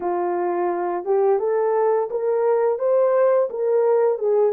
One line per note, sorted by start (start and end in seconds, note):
0.00 1.04 F4
1.04 1.39 G4
1.39 2.09 A4
2.10 2.78 A#4
2.78 3.48 C5
3.49 4.18 A#4
4.18 4.52 G#4